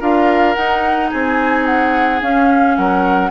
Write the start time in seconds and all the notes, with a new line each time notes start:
0.00 D4 F4 A#4 F5
0.54 D#4 F#5
1.10 C4 G#4 G#5
1.65 F#5
2.21 C#4 F5
2.76 F#3 A#4 F#5